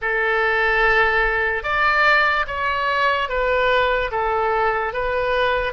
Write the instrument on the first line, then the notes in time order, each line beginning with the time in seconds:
oboe
0.01 A4
1.63 D5
2.47 C#5
3.28 B4
4.11 A4
4.93 B4